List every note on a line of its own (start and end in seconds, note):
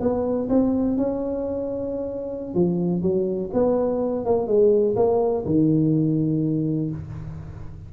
0.00 0.48 B3
0.49 0.97 C4
0.97 2.54 C#4
2.54 3.02 F3
3.02 3.50 F#3
3.53 4.25 B3
4.25 4.47 A#3
4.47 4.95 G#3
4.96 5.44 A#3
5.45 6.90 D#3